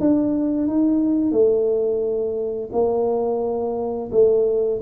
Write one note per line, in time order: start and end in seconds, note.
0.00 0.67 D4
0.67 1.32 D#4
1.32 2.70 A3
2.72 4.10 A#3
4.12 4.81 A3